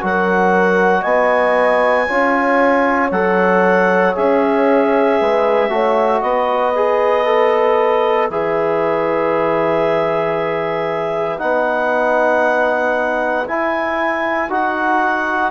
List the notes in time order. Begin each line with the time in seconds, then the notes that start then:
0.00 F#3 F#4 A#4 F#5
1.01 B3 D#5 G#5
2.07 C#4 F4 C#5
3.11 F#3 A4 F#5
4.15 C#4 G#4 E5
5.20 G#3 B4
5.69 A3 F#4 C#5
6.20 B3 B4 D#5
6.75 G#4
7.25 A4
8.30 E3 G#4 E5
11.38 B3 D#4 F#5
13.47 E4 G#5
14.48 D#4 F#4 F#5